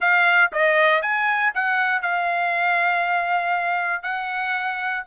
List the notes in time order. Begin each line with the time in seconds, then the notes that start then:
0.00 F5
0.52 D#5
1.02 G#5
1.54 F#5
2.02 F5
4.02 F#5